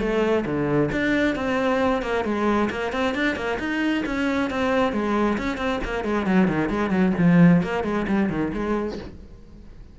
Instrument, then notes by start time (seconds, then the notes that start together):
cello
0.00 A3
0.46 D3
0.92 D4
1.35 C4
2.02 A#3
2.25 G#3
2.70 A#3
2.92 C4
3.15 D4
3.36 A#3
3.59 D#4
4.06 C#4
4.50 C4
4.93 G#3
5.38 C#4
5.58 C4
5.85 A#3
6.04 G#3
6.26 F#3
6.48 D#3
6.70 G#3
6.90 F#3
7.18 F3
7.63 A#3
7.84 G#3
8.08 G3
8.30 D#3
8.54 G#3